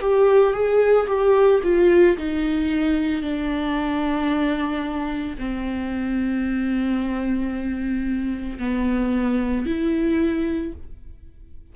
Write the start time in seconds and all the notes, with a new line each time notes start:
0.00 G4
0.53 G#4
1.07 G4
1.63 F4
2.17 D#4
3.22 D4
5.39 C4
8.59 B3
9.66 E4